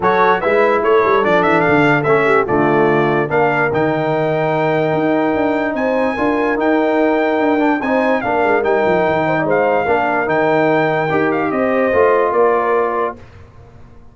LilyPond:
<<
  \new Staff \with { instrumentName = "trumpet" } { \time 4/4 \tempo 4 = 146 cis''4 e''4 cis''4 d''8 e''8 | f''4 e''4 d''2 | f''4 g''2.~ | g''2 gis''2 |
g''2. gis''4 | f''4 g''2 f''4~ | f''4 g''2~ g''8 f''8 | dis''2 d''2 | }
  \new Staff \with { instrumentName = "horn" } { \time 4/4 a'4 b'4 a'2~ | a'4. g'8 f'2 | ais'1~ | ais'2 c''4 ais'4~ |
ais'2. c''4 | ais'2~ ais'8 c''16 d''16 c''4 | ais'1 | c''2 ais'2 | }
  \new Staff \with { instrumentName = "trombone" } { \time 4/4 fis'4 e'2 d'4~ | d'4 cis'4 a2 | d'4 dis'2.~ | dis'2. f'4 |
dis'2~ dis'8 d'8 dis'4 | d'4 dis'2. | d'4 dis'2 g'4~ | g'4 f'2. | }
  \new Staff \with { instrumentName = "tuba" } { \time 4/4 fis4 gis4 a8 g8 f8 e8 | d4 a4 d2 | ais4 dis2. | dis'4 d'4 c'4 d'4 |
dis'2 d'4 c'4 | ais8 gis8 g8 f8 dis4 gis4 | ais4 dis2 dis'4 | c'4 a4 ais2 | }
>>